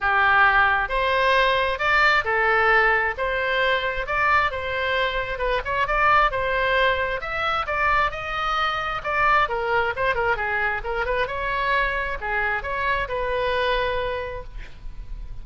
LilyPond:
\new Staff \with { instrumentName = "oboe" } { \time 4/4 \tempo 4 = 133 g'2 c''2 | d''4 a'2 c''4~ | c''4 d''4 c''2 | b'8 cis''8 d''4 c''2 |
e''4 d''4 dis''2 | d''4 ais'4 c''8 ais'8 gis'4 | ais'8 b'8 cis''2 gis'4 | cis''4 b'2. | }